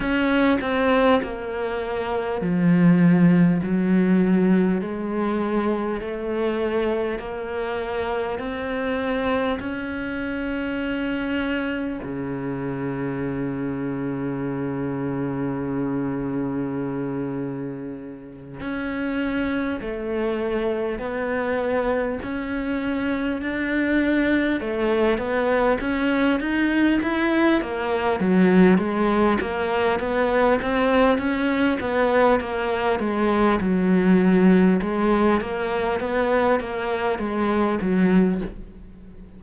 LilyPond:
\new Staff \with { instrumentName = "cello" } { \time 4/4 \tempo 4 = 50 cis'8 c'8 ais4 f4 fis4 | gis4 a4 ais4 c'4 | cis'2 cis2~ | cis2.~ cis8 cis'8~ |
cis'8 a4 b4 cis'4 d'8~ | d'8 a8 b8 cis'8 dis'8 e'8 ais8 fis8 | gis8 ais8 b8 c'8 cis'8 b8 ais8 gis8 | fis4 gis8 ais8 b8 ais8 gis8 fis8 | }